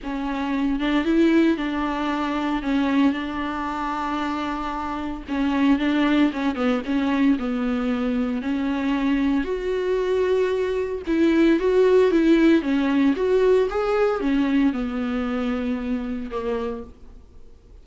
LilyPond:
\new Staff \with { instrumentName = "viola" } { \time 4/4 \tempo 4 = 114 cis'4. d'8 e'4 d'4~ | d'4 cis'4 d'2~ | d'2 cis'4 d'4 | cis'8 b8 cis'4 b2 |
cis'2 fis'2~ | fis'4 e'4 fis'4 e'4 | cis'4 fis'4 gis'4 cis'4 | b2. ais4 | }